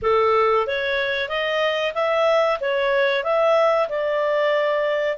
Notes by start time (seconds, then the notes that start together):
0.02 A4
0.66 C#5
1.28 D#5
1.94 E5
2.60 C#5
3.23 E5
3.88 D5